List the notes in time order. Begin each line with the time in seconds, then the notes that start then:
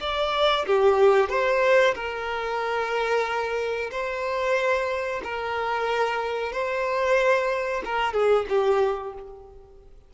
0.00 D5
0.66 G4
1.29 C5
1.94 A#4
3.91 C5
5.23 A#4
6.52 C5
7.84 A#4
8.13 G#4
8.48 G4